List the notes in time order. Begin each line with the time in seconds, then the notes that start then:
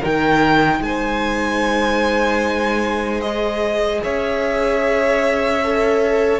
0.00 D#3 D#4 A#4 G5
0.80 G#3 C5 G#5
3.21 G#4 D#5
4.03 C#4 C#5 E5
5.64 A4